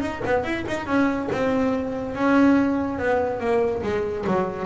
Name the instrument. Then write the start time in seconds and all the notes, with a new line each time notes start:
double bass
0.00 D#4
0.25 B3
0.44 E4
0.67 D#4
0.86 C#4
1.32 C4
2.15 C#4
2.98 B3
3.40 A#3
3.82 G#3
4.26 F#3